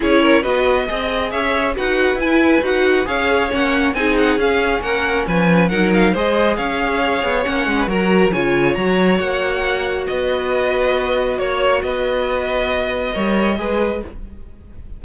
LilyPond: <<
  \new Staff \with { instrumentName = "violin" } { \time 4/4 \tempo 4 = 137 cis''4 dis''2 e''4 | fis''4 gis''4 fis''4 f''4 | fis''4 gis''8 fis''8 f''4 fis''4 | gis''4 fis''8 f''8 dis''4 f''4~ |
f''4 fis''4 ais''4 gis''4 | ais''4 fis''2 dis''4~ | dis''2 cis''4 dis''4~ | dis''1 | }
  \new Staff \with { instrumentName = "violin" } { \time 4/4 gis'8 ais'8 b'4 dis''4 cis''4 | b'2. cis''4~ | cis''4 gis'2 ais'4 | b'4 ais'4 c''4 cis''4~ |
cis''4.~ cis''16 b'16 ais'4 cis''4~ | cis''2. b'4~ | b'2 cis''4 b'4~ | b'2 cis''4 b'4 | }
  \new Staff \with { instrumentName = "viola" } { \time 4/4 e'4 fis'4 gis'2 | fis'4 e'4 fis'4 gis'4 | cis'4 dis'4 cis'2~ | cis'4 dis'4 gis'2~ |
gis'4 cis'4 fis'4 f'4 | fis'1~ | fis'1~ | fis'2 ais'4 gis'4 | }
  \new Staff \with { instrumentName = "cello" } { \time 4/4 cis'4 b4 c'4 cis'4 | dis'4 e'4 dis'4 cis'4 | ais4 c'4 cis'4 ais4 | f4 fis4 gis4 cis'4~ |
cis'8 b8 ais8 gis8 fis4 cis4 | fis4 ais2 b4~ | b2 ais4 b4~ | b2 g4 gis4 | }
>>